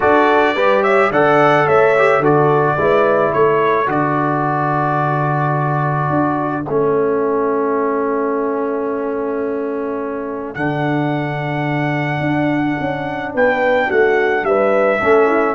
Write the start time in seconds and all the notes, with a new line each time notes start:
0.00 D4 F#4 A4 D5
0.54 G3 G4 B4
0.81 C#5 E5
1.11 D3 A4 D5 F#5
1.66 A3 C#5 E5
1.98 G4
2.19 D3 F#4 A4 D5
2.77 G#3 E4 B4
3.33 A3 A4 C#5
3.86 D3 F#4 D5
6.09 D4
6.66 A3 C#4 E5
10.54 D3 D4 F#5
12.20 D4
12.80 C#4
13.34 B3 B4 G5
13.87 A3 F#4 F#5
14.42 G3 B4 E5
15.00 A3 C#4 A4
15.27 E4